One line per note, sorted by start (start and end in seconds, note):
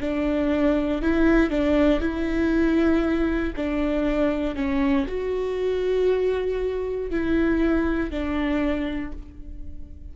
0.00 1.02 D4
1.02 1.50 E4
1.50 2.00 D4
2.00 3.53 E4
3.56 4.55 D4
4.55 5.06 C#4
5.07 7.10 F#4
7.10 8.10 E4
8.10 9.12 D4